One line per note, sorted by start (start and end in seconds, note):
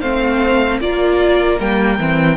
0.00 0.80 A3
0.00 0.81 C4
0.00 0.79 C5
0.00 0.80 F5
0.80 1.59 A#3
0.80 1.60 F4
0.80 2.37 A#4
0.80 1.60 D5
1.60 1.99 G3
1.60 2.00 A#3
1.60 2.37 G5
1.99 2.37 E3
1.99 2.37 C4